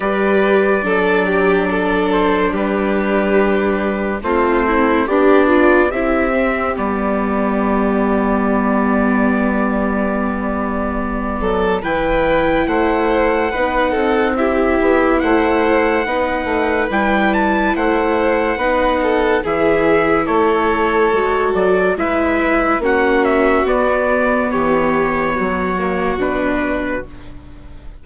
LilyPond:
<<
  \new Staff \with { instrumentName = "trumpet" } { \time 4/4 \tempo 4 = 71 d''2~ d''8 c''8 b'4~ | b'4 c''4 d''4 e''4 | d''1~ | d''2 g''4 fis''4~ |
fis''4 e''4 fis''2 | g''8 a''8 fis''2 e''4 | cis''4. d''8 e''4 fis''8 e''8 | d''4 cis''2 b'4 | }
  \new Staff \with { instrumentName = "violin" } { \time 4/4 b'4 a'8 g'8 a'4 g'4~ | g'4 f'8 e'8 d'4 g'4~ | g'1~ | g'4. a'8 b'4 c''4 |
b'8 a'8 g'4 c''4 b'4~ | b'4 c''4 b'8 a'8 gis'4 | a'2 b'4 fis'4~ | fis'4 g'4 fis'2 | }
  \new Staff \with { instrumentName = "viola" } { \time 4/4 g'4 d'2.~ | d'4 c'4 g'8 f'8 e'8 c'8 | b1~ | b2 e'2 |
dis'4 e'2 dis'4 | e'2 dis'4 e'4~ | e'4 fis'4 e'4 cis'4 | b2~ b8 ais8 d'4 | }
  \new Staff \with { instrumentName = "bassoon" } { \time 4/4 g4 fis2 g4~ | g4 a4 b4 c'4 | g1~ | g4. fis8 e4 a4 |
b8 c'4 b8 a4 b8 a8 | g4 a4 b4 e4 | a4 gis8 fis8 gis4 ais4 | b4 e4 fis4 b,4 | }
>>